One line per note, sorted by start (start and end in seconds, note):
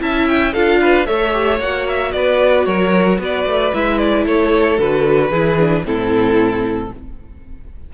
0.00 0.54 C#4
0.00 0.53 E4
0.00 0.53 E5
0.00 0.27 A5
0.27 0.53 G5
0.53 1.08 D4
0.53 1.06 F4
0.53 0.79 A4
0.53 1.06 F5
0.81 1.06 B4
1.06 1.60 A3
1.06 1.32 A4
1.06 2.12 C#5
1.06 1.59 E5
1.32 1.59 G4
1.60 2.13 A#3
1.60 3.73 F#4
1.60 1.87 F#5
1.88 2.12 E5
2.12 2.66 B3
2.12 2.66 B4
2.12 2.65 D5
2.65 3.18 F#3
2.65 3.19 A#4
2.65 3.18 C#5
3.18 3.45 B3
3.18 4.25 B4
3.18 3.74 D5
3.46 3.73 A3
3.73 4.25 G#3
3.73 4.78 E4
3.73 3.98 E5
3.98 4.24 D5
4.25 4.78 A3
4.25 5.30 A4
4.25 4.79 C#5
4.78 5.30 D3
4.78 5.31 F#4
4.78 5.85 B4
5.30 5.83 E3
5.30 5.58 E4
5.30 5.83 G#4
5.59 5.84 D4
5.84 6.91 A2
5.84 6.90 C4
5.84 6.93 E4
5.84 6.92 A4